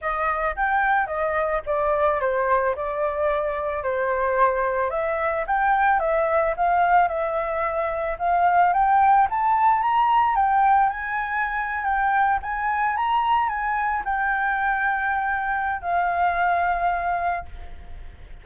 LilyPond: \new Staff \with { instrumentName = "flute" } { \time 4/4 \tempo 4 = 110 dis''4 g''4 dis''4 d''4 | c''4 d''2 c''4~ | c''4 e''4 g''4 e''4 | f''4 e''2 f''4 |
g''4 a''4 ais''4 g''4 | gis''4.~ gis''16 g''4 gis''4 ais''16~ | ais''8. gis''4 g''2~ g''16~ | g''4 f''2. | }